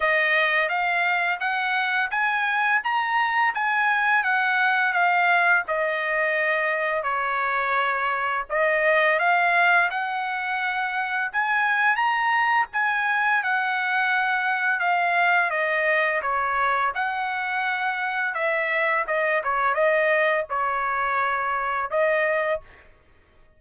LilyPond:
\new Staff \with { instrumentName = "trumpet" } { \time 4/4 \tempo 4 = 85 dis''4 f''4 fis''4 gis''4 | ais''4 gis''4 fis''4 f''4 | dis''2 cis''2 | dis''4 f''4 fis''2 |
gis''4 ais''4 gis''4 fis''4~ | fis''4 f''4 dis''4 cis''4 | fis''2 e''4 dis''8 cis''8 | dis''4 cis''2 dis''4 | }